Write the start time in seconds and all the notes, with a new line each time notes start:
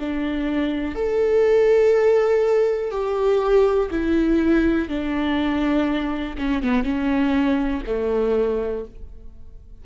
0.00 D4
0.95 A4
2.92 G4
3.91 E4
4.89 D4
6.38 C#4
6.63 B3
6.84 C#4
7.87 A3